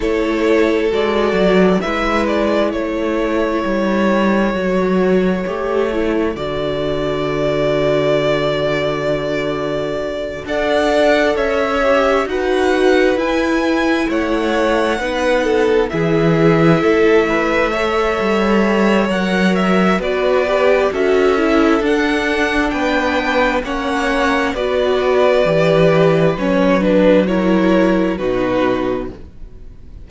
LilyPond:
<<
  \new Staff \with { instrumentName = "violin" } { \time 4/4 \tempo 4 = 66 cis''4 d''4 e''8 d''8 cis''4~ | cis''2. d''4~ | d''2.~ d''8 fis''8~ | fis''8 e''4 fis''4 gis''4 fis''8~ |
fis''4. e''2~ e''8~ | e''4 fis''8 e''8 d''4 e''4 | fis''4 g''4 fis''4 d''4~ | d''4 cis''8 b'8 cis''4 b'4 | }
  \new Staff \with { instrumentName = "violin" } { \time 4/4 a'2 b'4 a'4~ | a'1~ | a'2.~ a'8 d''8~ | d''8 cis''4 b'2 cis''8~ |
cis''8 b'8 a'8 gis'4 a'8 b'8 cis''8~ | cis''2 b'4 a'4~ | a'4 b'4 cis''4 b'4~ | b'2 ais'4 fis'4 | }
  \new Staff \with { instrumentName = "viola" } { \time 4/4 e'4 fis'4 e'2~ | e'4 fis'4 g'8 e'8 fis'4~ | fis'2.~ fis'8 a'8~ | a'4 g'8 fis'4 e'4.~ |
e'8 dis'4 e'2 a'8~ | a'4 ais'4 fis'8 g'8 fis'8 e'8 | d'2 cis'4 fis'4 | g'4 cis'8 d'8 e'4 dis'4 | }
  \new Staff \with { instrumentName = "cello" } { \time 4/4 a4 gis8 fis8 gis4 a4 | g4 fis4 a4 d4~ | d2.~ d8 d'8~ | d'8 cis'4 dis'4 e'4 a8~ |
a8 b4 e4 a4. | g4 fis4 b4 cis'4 | d'4 b4 ais4 b4 | e4 fis2 b,4 | }
>>